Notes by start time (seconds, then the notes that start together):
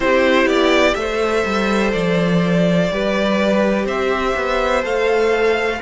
0.00 C4 E4 G4 C5
0.45 B3 D5
0.94 A3 A4 C5 E5
1.45 G3
1.92 F3 D5
2.91 G3 G4 B4
3.85 C4 C5 E5
4.36 B3
4.83 A3 A4 F5